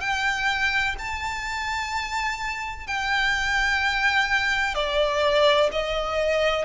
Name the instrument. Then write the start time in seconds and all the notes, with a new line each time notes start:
violin
0.00 G5
0.98 A5
2.87 G5
4.74 D5
5.72 D#5